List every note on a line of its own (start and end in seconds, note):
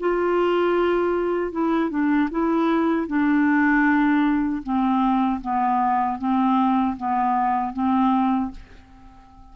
0.00 1.52 F4
1.52 1.90 E4
1.90 2.29 D4
2.31 3.07 E4
3.07 4.63 D4
4.63 5.41 C4
5.41 6.18 B3
6.18 6.96 C4
6.97 7.74 B3
7.74 8.51 C4